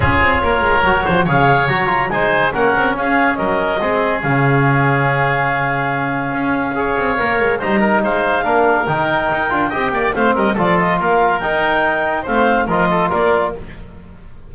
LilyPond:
<<
  \new Staff \with { instrumentName = "clarinet" } { \time 4/4 \tempo 4 = 142 cis''2. f''4 | ais''4 gis''4 fis''4 f''4 | dis''2 f''2~ | f''1~ |
f''2 ais''4 f''4~ | f''4 g''2. | f''8 dis''8 d''8 dis''8 f''4 g''4~ | g''4 f''4 dis''4 d''4 | }
  \new Staff \with { instrumentName = "oboe" } { \time 4/4 gis'4 ais'4. c''8 cis''4~ | cis''4 c''4 ais'4 gis'4 | ais'4 gis'2.~ | gis'1 |
cis''2 c''8 ais'8 c''4 | ais'2. dis''8 d''8 | c''8 ais'8 a'4 ais'2~ | ais'4 c''4 ais'8 a'8 ais'4 | }
  \new Staff \with { instrumentName = "trombone" } { \time 4/4 f'2 fis'4 gis'4 | fis'8 f'8 dis'4 cis'2~ | cis'4 c'4 cis'2~ | cis'1 |
gis'4 ais'4 dis'2 | d'4 dis'4. f'8 g'4 | c'4 f'2 dis'4~ | dis'4 c'4 f'2 | }
  \new Staff \with { instrumentName = "double bass" } { \time 4/4 cis'8 c'8 ais8 gis8 fis8 f8 cis4 | fis4 gis4 ais8 c'8 cis'4 | fis4 gis4 cis2~ | cis2. cis'4~ |
cis'8 c'8 ais8 gis8 g4 gis4 | ais4 dis4 dis'8 d'8 c'8 ais8 | a8 g8 f4 ais4 dis'4~ | dis'4 a4 f4 ais4 | }
>>